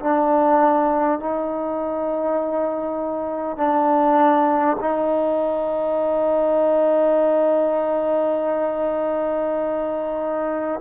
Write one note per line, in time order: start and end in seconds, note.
0.00 1.19 D4
1.19 3.57 D#4
3.57 4.77 D4
4.81 10.81 D#4